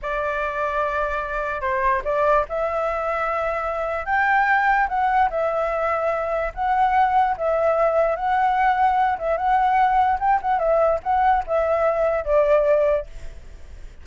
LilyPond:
\new Staff \with { instrumentName = "flute" } { \time 4/4 \tempo 4 = 147 d''1 | c''4 d''4 e''2~ | e''2 g''2 | fis''4 e''2. |
fis''2 e''2 | fis''2~ fis''8 e''8 fis''4~ | fis''4 g''8 fis''8 e''4 fis''4 | e''2 d''2 | }